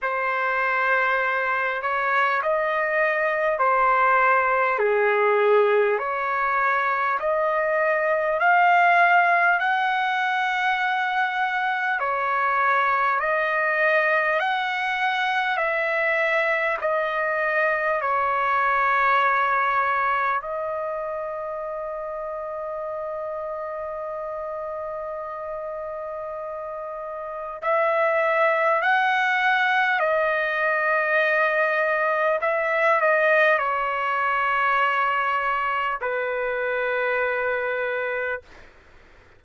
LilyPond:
\new Staff \with { instrumentName = "trumpet" } { \time 4/4 \tempo 4 = 50 c''4. cis''8 dis''4 c''4 | gis'4 cis''4 dis''4 f''4 | fis''2 cis''4 dis''4 | fis''4 e''4 dis''4 cis''4~ |
cis''4 dis''2.~ | dis''2. e''4 | fis''4 dis''2 e''8 dis''8 | cis''2 b'2 | }